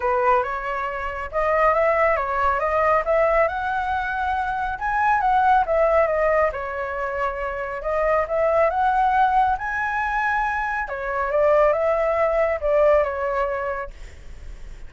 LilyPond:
\new Staff \with { instrumentName = "flute" } { \time 4/4 \tempo 4 = 138 b'4 cis''2 dis''4 | e''4 cis''4 dis''4 e''4 | fis''2. gis''4 | fis''4 e''4 dis''4 cis''4~ |
cis''2 dis''4 e''4 | fis''2 gis''2~ | gis''4 cis''4 d''4 e''4~ | e''4 d''4 cis''2 | }